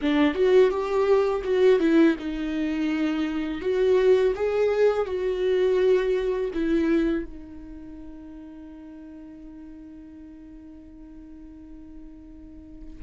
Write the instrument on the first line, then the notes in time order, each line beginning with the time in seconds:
viola
0.01 D4
0.34 F#4
0.70 G4
1.44 F#4
1.79 E4
2.19 D#4
3.61 F#4
4.35 G#4
5.06 F#4
6.53 E4
7.25 D#4